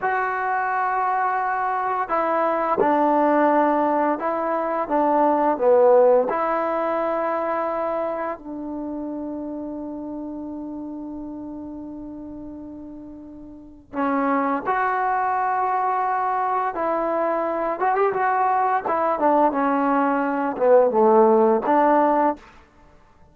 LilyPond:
\new Staff \with { instrumentName = "trombone" } { \time 4/4 \tempo 4 = 86 fis'2. e'4 | d'2 e'4 d'4 | b4 e'2. | d'1~ |
d'1 | cis'4 fis'2. | e'4. fis'16 g'16 fis'4 e'8 d'8 | cis'4. b8 a4 d'4 | }